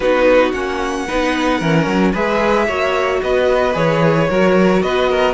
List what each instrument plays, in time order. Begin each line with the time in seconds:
0.00 cello B3, viola D#4, violin F#4 B4
0.52 cello A#3, viola C#4, violin F#5
1.06 cello B3, viola D#4, violin B4
1.58 cello E3, viola C#4, violin A#4
1.86 cello F#3
2.12 cello G#3, viola G#4, violin B4 E5
2.67 cello A#3, viola F#4, violin C#5
3.22 cello B3, violin B4 D#5
3.73 cello E3, viola G#4, violin C#5
4.29 cello F#3, viola F#4, violin A#4
4.82 cello B3, violin B4 D#5
5.09 violin A#4